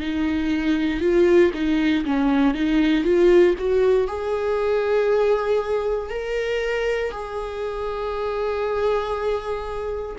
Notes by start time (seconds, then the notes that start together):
0.00 D#4
1.01 F4
1.54 D#4
2.05 C#4
2.54 D#4
3.04 F4
3.58 F#4
4.07 G#4
6.10 A#4
7.11 G#4